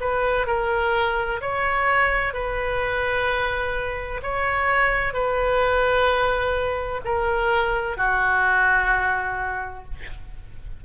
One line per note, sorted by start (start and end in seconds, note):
0.00 0.47 B4
0.47 1.41 A#4
1.41 2.34 C#5
2.34 4.21 B4
4.23 5.13 C#5
5.13 7.01 B4
7.05 7.97 A#4
7.97 9.85 F#4